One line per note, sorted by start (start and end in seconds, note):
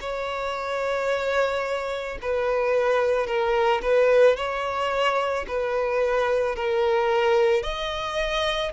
0.00 2.18 C#5
2.22 3.27 B4
3.27 3.81 A#4
3.82 4.36 B4
4.36 5.45 C#5
5.48 6.56 B4
6.56 7.63 A#4
7.63 8.72 D#5